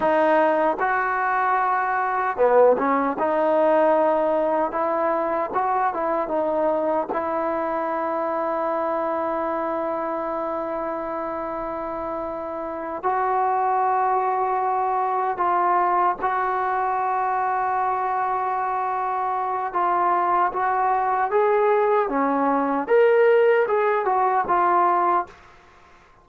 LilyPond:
\new Staff \with { instrumentName = "trombone" } { \time 4/4 \tempo 4 = 76 dis'4 fis'2 b8 cis'8 | dis'2 e'4 fis'8 e'8 | dis'4 e'2.~ | e'1~ |
e'8 fis'2. f'8~ | f'8 fis'2.~ fis'8~ | fis'4 f'4 fis'4 gis'4 | cis'4 ais'4 gis'8 fis'8 f'4 | }